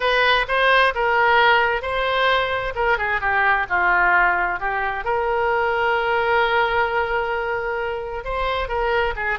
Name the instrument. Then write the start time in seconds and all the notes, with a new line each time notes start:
oboe
0.00 B4
0.47 C5
0.95 A#4
1.82 C5
2.75 A#4
2.98 G#4
3.20 G4
3.69 F4
4.59 G4
5.04 A#4
8.24 C5
8.68 A#4
9.16 G#4